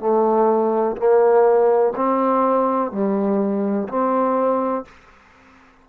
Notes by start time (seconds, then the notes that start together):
0.00 A3
0.97 A#3
1.96 C4
2.92 G3
3.89 C4